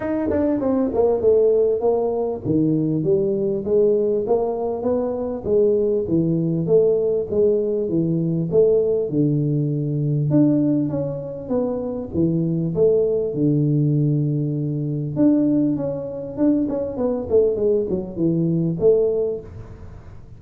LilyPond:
\new Staff \with { instrumentName = "tuba" } { \time 4/4 \tempo 4 = 99 dis'8 d'8 c'8 ais8 a4 ais4 | dis4 g4 gis4 ais4 | b4 gis4 e4 a4 | gis4 e4 a4 d4~ |
d4 d'4 cis'4 b4 | e4 a4 d2~ | d4 d'4 cis'4 d'8 cis'8 | b8 a8 gis8 fis8 e4 a4 | }